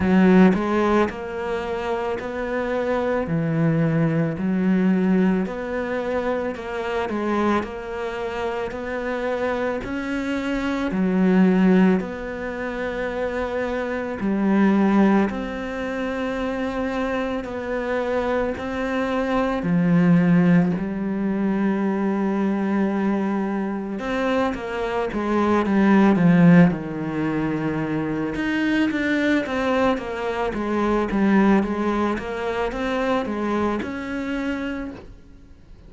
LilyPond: \new Staff \with { instrumentName = "cello" } { \time 4/4 \tempo 4 = 55 fis8 gis8 ais4 b4 e4 | fis4 b4 ais8 gis8 ais4 | b4 cis'4 fis4 b4~ | b4 g4 c'2 |
b4 c'4 f4 g4~ | g2 c'8 ais8 gis8 g8 | f8 dis4. dis'8 d'8 c'8 ais8 | gis8 g8 gis8 ais8 c'8 gis8 cis'4 | }